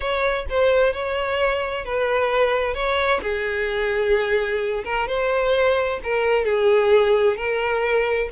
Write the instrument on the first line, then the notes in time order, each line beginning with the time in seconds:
violin
0.00 C#5
0.49 C5
0.93 C#5
1.85 B4
2.74 C#5
3.22 G#4
4.84 A#4
5.07 C5
6.03 A#4
6.44 G#4
7.36 A#4